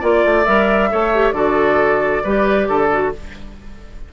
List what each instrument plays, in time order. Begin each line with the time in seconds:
0.00 bassoon A#3, clarinet F4, oboe D5, flute D5
0.25 bassoon A3
0.46 bassoon G3, clarinet A#4, flute E5
0.91 bassoon A3, clarinet A4, oboe C#5
1.14 clarinet G4
1.32 bassoon D3, clarinet F#4, oboe A4, flute D5
2.24 bassoon G3, clarinet G4, oboe B4
2.68 bassoon D3, oboe A4
2.90 clarinet F#4